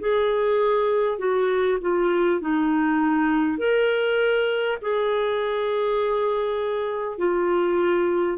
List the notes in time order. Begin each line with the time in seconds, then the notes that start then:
0.00 G#4
1.18 F#4
1.81 F4
2.41 D#4
3.58 A#4
4.82 G#4
7.18 F4